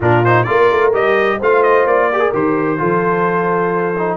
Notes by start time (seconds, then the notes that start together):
0.00 A#2 D4 F4 A#4
0.24 D#4 C5
0.43 A#3 F4 A#4 D5
0.71 A3
0.93 G3 G4 D#5
1.38 A3 F4 C5 F5
1.63 D#5
1.85 A#3 D5
2.10 G4 A#4
2.19 G#4
2.33 D#3 G4 C5
2.78 F3 F4 A4
3.97 D#4